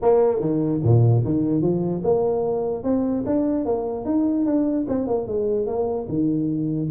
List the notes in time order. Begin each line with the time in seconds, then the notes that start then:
0.02 A#3
0.39 D#3
0.83 A#2
1.25 D#3
1.61 F3
2.03 A#3
2.83 C4
3.26 D4
3.65 A#3
4.05 D#4
4.45 D4
4.88 C4
5.07 A#3
5.27 G#3
5.66 A#3
6.08 D#3